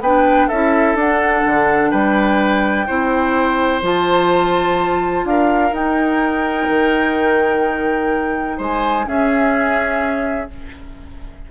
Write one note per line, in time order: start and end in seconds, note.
0.00 0.48 B3
0.00 0.51 D4
0.00 0.48 B4
0.00 0.48 G5
0.48 0.94 C#4
0.48 0.97 E4
0.48 1.90 A4
0.48 0.96 E5
0.94 1.42 D4
0.94 2.87 D4
0.94 1.91 F#5
1.46 1.93 D3
1.91 2.88 G3
1.91 2.86 B4
1.91 3.81 G5
2.87 3.82 C4
2.87 3.82 E4
2.87 5.25 C5
3.82 5.24 F3
3.82 5.72 F4
3.82 5.26 A5
5.24 5.71 D4
5.24 8.57 A#4
5.24 5.74 F5
5.71 6.67 D#4
5.71 9.05 D#4
5.71 8.60 G5
6.68 8.58 D#3
8.57 9.06 G#3
8.57 9.05 C5
8.57 9.07 G#5
9.05 10.48 C#4
9.05 10.50 C#4
9.05 10.51 G#4
9.05 10.50 E5